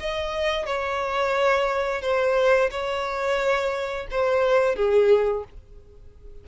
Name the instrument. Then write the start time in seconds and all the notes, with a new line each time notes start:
violin
0.00 D#5
0.66 C#5
2.02 C5
2.71 C#5
4.11 C5
4.76 G#4